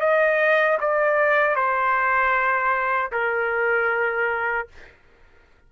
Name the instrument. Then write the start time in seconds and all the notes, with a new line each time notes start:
trumpet
0.00 D#5
0.80 D5
1.55 C5
3.12 A#4